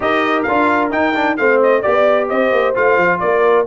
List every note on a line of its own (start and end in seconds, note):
0.00 0.45 D#4
0.00 0.46 G4
0.00 1.39 A#4
0.00 0.43 D#5
0.43 0.92 D4
0.43 0.90 F4
0.43 0.88 F5
0.90 1.13 D#4
0.90 1.38 D#4
0.90 1.36 G5
1.14 1.37 D4
1.36 1.84 A3
1.36 1.83 C4
1.36 1.81 C5
1.36 1.59 F5
1.63 1.82 D#5
1.81 2.31 B3
1.81 2.74 G4
1.81 2.27 D5
2.28 2.51 C4
2.28 3.20 C5
2.28 2.74 D#5
2.51 2.74 A#3
2.74 2.97 A3
2.74 3.66 F4
2.74 3.19 F5
2.97 3.20 F3
3.19 3.66 A#3
3.19 3.66 A#4
3.19 3.65 D5